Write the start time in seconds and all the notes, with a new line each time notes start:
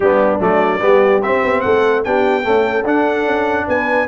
0.00 G3 B3 D4 G4
0.39 F#3 A3 D5
0.80 G3 B3 G4
1.22 C4 E5
1.43 B3
1.61 A3 A4 F#5
2.03 B3 D4 G4 G5
2.43 A3 C#4 A4
2.84 D4 F#5
3.24 C#4
3.66 B3 B4 G#5